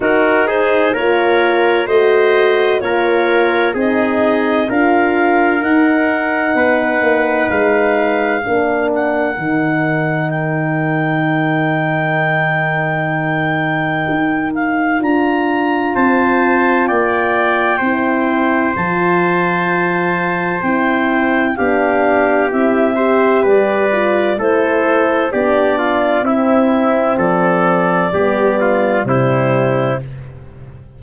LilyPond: <<
  \new Staff \with { instrumentName = "clarinet" } { \time 4/4 \tempo 4 = 64 ais'8 c''8 cis''4 dis''4 cis''4 | dis''4 f''4 fis''2 | f''4. fis''4. g''4~ | g''2.~ g''8 f''8 |
ais''4 a''4 g''2 | a''2 g''4 f''4 | e''4 d''4 c''4 d''4 | e''4 d''2 c''4 | }
  \new Staff \with { instrumentName = "trumpet" } { \time 4/4 fis'8 gis'8 ais'4 c''4 ais'4 | gis'4 ais'2 b'4~ | b'4 ais'2.~ | ais'1~ |
ais'4 c''4 d''4 c''4~ | c''2. g'4~ | g'8 c''8 b'4 a'4 g'8 f'8 | e'4 a'4 g'8 f'8 e'4 | }
  \new Staff \with { instrumentName = "horn" } { \time 4/4 dis'4 f'4 fis'4 f'4 | dis'4 f'4 dis'2~ | dis'4 d'4 dis'2~ | dis'1 |
f'2. e'4 | f'2 e'4 d'4 | e'8 g'4 f'8 e'4 d'4 | c'2 b4 g4 | }
  \new Staff \with { instrumentName = "tuba" } { \time 4/4 dis'4 ais4 a4 ais4 | c'4 d'4 dis'4 b8 ais8 | gis4 ais4 dis2~ | dis2. dis'4 |
d'4 c'4 ais4 c'4 | f2 c'4 b4 | c'4 g4 a4 b4 | c'4 f4 g4 c4 | }
>>